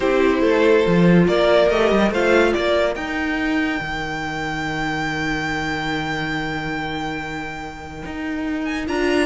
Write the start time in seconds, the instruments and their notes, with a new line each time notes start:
0.00 cello C4, viola E4, violin G4 C5
0.40 cello A3, violin A4
0.85 cello F3, viola F4
1.27 cello A#3, violin A#4 D5
1.69 cello A3, viola G4, violin D#5
1.91 cello G3
2.10 cello A3, viola F4, violin C5 F5
2.52 cello A#3, violin A#4 D5
2.95 cello D#4, viola D#4, violin G5
3.80 cello D#3
8.05 cello D#4
8.64 violin G#5
8.87 cello D4, viola F4, violin A#5